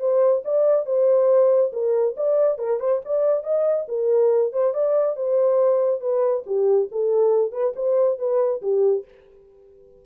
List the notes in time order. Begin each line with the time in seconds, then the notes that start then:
0.00 C5
0.45 D5
0.86 C5
1.73 A#4
2.17 D5
2.59 A#4
2.80 C5
3.05 D5
3.44 D#5
3.89 A#4
4.53 C5
4.74 D5
5.16 C5
6.01 B4
6.47 G4
6.92 A4
7.52 B4
7.76 C5
8.19 B4
8.62 G4